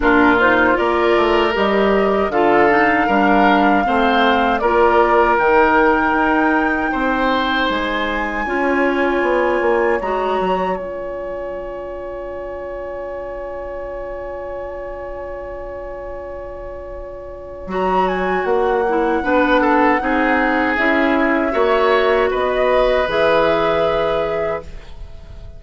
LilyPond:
<<
  \new Staff \with { instrumentName = "flute" } { \time 4/4 \tempo 4 = 78 ais'8 c''8 d''4 dis''4 f''4~ | f''2 d''4 g''4~ | g''2 gis''2~ | gis''4 ais''4 gis''2~ |
gis''1~ | gis''2. ais''8 gis''8 | fis''2. e''4~ | e''4 dis''4 e''2 | }
  \new Staff \with { instrumentName = "oboe" } { \time 4/4 f'4 ais'2 a'4 | ais'4 c''4 ais'2~ | ais'4 c''2 cis''4~ | cis''1~ |
cis''1~ | cis''1~ | cis''4 b'8 a'8 gis'2 | cis''4 b'2. | }
  \new Staff \with { instrumentName = "clarinet" } { \time 4/4 d'8 dis'8 f'4 g'4 f'8 dis'8 | d'4 c'4 f'4 dis'4~ | dis'2. f'4~ | f'4 fis'4 f'2~ |
f'1~ | f'2. fis'4~ | fis'8 e'8 d'4 dis'4 e'4 | fis'2 gis'2 | }
  \new Staff \with { instrumentName = "bassoon" } { \time 4/4 ais,4 ais8 a8 g4 d4 | g4 a4 ais4 dis4 | dis'4 c'4 gis4 cis'4 | b8 ais8 gis8 fis8 cis'2~ |
cis'1~ | cis'2. fis4 | ais4 b4 c'4 cis'4 | ais4 b4 e2 | }
>>